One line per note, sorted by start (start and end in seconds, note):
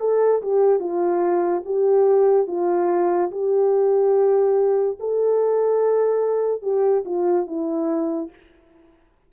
0.00 0.42 A4
0.42 0.80 G4
0.80 1.63 F4
1.66 2.48 G4
2.48 3.31 F4
3.31 4.98 G4
5.00 6.62 A4
6.62 7.04 G4
7.06 7.47 F4
7.47 8.31 E4